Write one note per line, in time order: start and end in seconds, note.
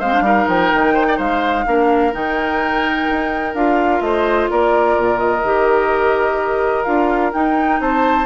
0.00 0.21 G#3
0.00 0.14 C4
0.00 0.24 C5
0.00 0.48 F5
0.14 0.24 D4
0.21 0.45 G3
0.21 1.66 D#4
0.21 0.94 A#4
0.48 0.72 F3
0.48 1.19 G5
0.74 1.19 D#3
0.94 1.06 C5
1.09 1.17 D5
1.17 1.66 G#3
1.17 1.64 C5
1.17 2.14 F5
1.67 2.14 A#3
1.67 2.13 D4
1.67 4.05 A#4
2.13 3.09 D#3
2.13 3.54 D#4
2.13 3.55 G5
3.10 3.55 D#4
3.55 4.01 D4
3.55 5.44 F4
3.55 4.02 F5
4.01 4.48 A3
4.01 4.51 C5
4.01 4.49 D#5
4.51 4.97 A#3
4.51 7.82 A#4
4.51 5.19 D5
4.97 5.45 A#2
5.19 6.84 D#5
5.44 6.86 D#3
5.44 6.85 G4
6.84 7.34 D4
6.84 7.33 F4
6.84 7.31 F5
7.33 8.27 D#4
7.33 7.81 D#4
7.33 7.81 G5
7.81 8.27 C4
7.81 8.27 C5
7.81 8.27 A5